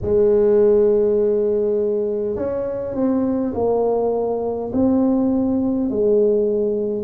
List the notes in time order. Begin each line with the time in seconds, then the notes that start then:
0.01 G#3
2.36 C#4
2.94 C4
3.53 A#3
4.73 C4
5.90 G#3